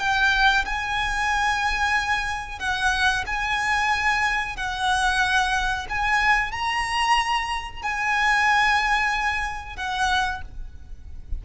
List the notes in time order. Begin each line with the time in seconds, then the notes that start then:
0.00 G5
0.66 G#5
2.60 F#5
3.27 G#5
4.57 F#5
5.89 G#5
6.52 A#5
7.83 G#5
9.77 F#5